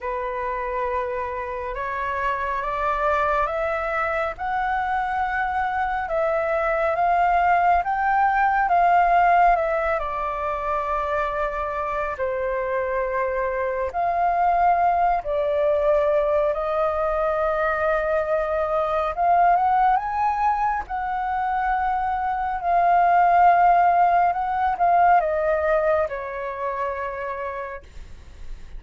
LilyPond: \new Staff \with { instrumentName = "flute" } { \time 4/4 \tempo 4 = 69 b'2 cis''4 d''4 | e''4 fis''2 e''4 | f''4 g''4 f''4 e''8 d''8~ | d''2 c''2 |
f''4. d''4. dis''4~ | dis''2 f''8 fis''8 gis''4 | fis''2 f''2 | fis''8 f''8 dis''4 cis''2 | }